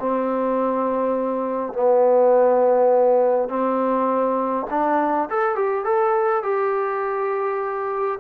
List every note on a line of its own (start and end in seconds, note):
0.00 1.73 C4
1.73 3.49 B3
3.49 4.67 C4
4.71 5.29 D4
5.30 5.55 A4
5.55 5.85 G4
5.85 6.43 A4
6.43 8.20 G4